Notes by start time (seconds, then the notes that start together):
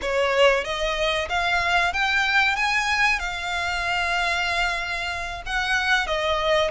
0.01 C#5
0.64 D#5
1.29 F5
1.93 G5
2.56 G#5
3.19 F5
5.46 F#5
6.06 D#5